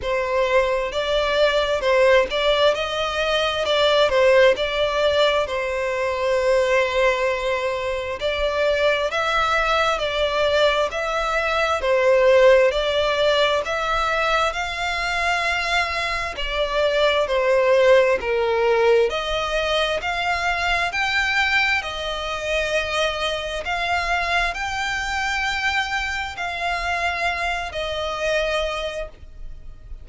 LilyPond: \new Staff \with { instrumentName = "violin" } { \time 4/4 \tempo 4 = 66 c''4 d''4 c''8 d''8 dis''4 | d''8 c''8 d''4 c''2~ | c''4 d''4 e''4 d''4 | e''4 c''4 d''4 e''4 |
f''2 d''4 c''4 | ais'4 dis''4 f''4 g''4 | dis''2 f''4 g''4~ | g''4 f''4. dis''4. | }